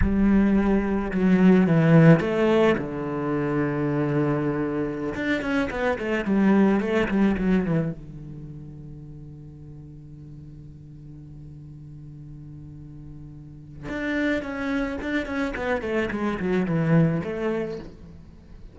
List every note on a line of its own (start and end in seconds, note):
0.01 1.11 G3
1.11 1.66 F#3
1.66 2.20 E3
2.20 2.75 A3
2.78 5.14 D3
5.14 5.41 D4
5.41 5.69 C#4
5.70 5.98 B3
5.98 6.24 A3
6.24 6.80 G3
6.80 7.08 A3
7.08 7.36 G3
7.37 7.65 F#3
7.65 7.92 E3
7.92 13.89 D3
13.89 14.42 D4
14.42 14.97 C#4
15.01 15.26 D4
15.26 15.53 C#4
15.56 15.81 B3
15.81 16.09 A3
16.11 16.38 G#3
16.39 16.65 F#3
16.65 17.21 E3
17.23 17.79 A3